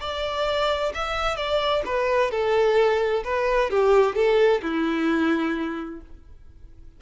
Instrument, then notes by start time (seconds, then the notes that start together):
violin
0.00 D5
0.94 E5
1.36 D5
1.85 B4
2.31 A4
3.24 B4
3.70 G4
4.15 A4
4.62 E4